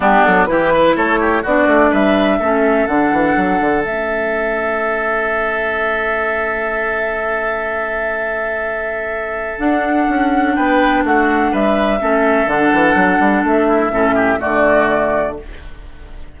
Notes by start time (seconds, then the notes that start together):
0.00 G3 B3 D4 G4
0.25 F#3 A4
0.45 E3 E4 G4 B4
0.73 B4
0.95 A3 A4 C#5
1.20 G4
1.42 B3 D4 F#4 D5
1.67 A3
1.90 G3 B4 E5
2.39 A3 C#4 A4
2.87 D3 D4 F#5
3.11 E3
3.36 F#3
3.60 D3
3.84 A3 C#4 E5
9.58 D4 F#5
10.08 C#4
10.55 B3 B4 G5
11.04 A3 F#4 F#5
11.51 G3 B4 E5
12.00 A3 C#4 A4
12.46 D3 D4 F#5
12.73 E3
12.94 F#3
13.19 G3
13.43 A3 E5
13.67 E4
13.91 A2 C#4 A4
14.14 G4
14.37 A3 F#4 D5
14.44 D3